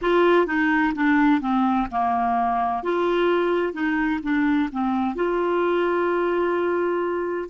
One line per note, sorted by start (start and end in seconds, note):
0.01 0.46 F4
0.46 0.93 D#4
0.94 1.40 D4
1.40 1.87 C4
1.91 2.83 A#3
2.83 3.73 F4
3.73 4.20 D#4
4.22 4.69 D4
4.72 5.15 C4
5.15 7.49 F4